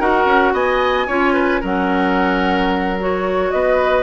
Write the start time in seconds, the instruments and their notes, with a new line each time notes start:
0.00 bassoon D#4, clarinet F#4, oboe A#4, flute F#5
0.26 bassoon C#4
0.53 bassoon B3, oboe D#5, flute G#5
1.07 bassoon C#4, clarinet F4, oboe C#5
1.34 oboe B4
1.61 bassoon F#3, clarinet C#4, oboe A#4, flute F#5
3.00 clarinet F#4, flute C#5
3.51 bassoon B3, oboe B4, flute D#5